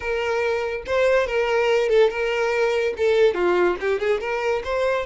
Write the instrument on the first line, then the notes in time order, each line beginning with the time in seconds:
violin
0.00 A#4
0.86 C5
1.26 A#4
1.89 A4
2.10 A#4
2.97 A4
3.34 F4
3.80 G4
3.99 G#4
4.20 A#4
4.64 C5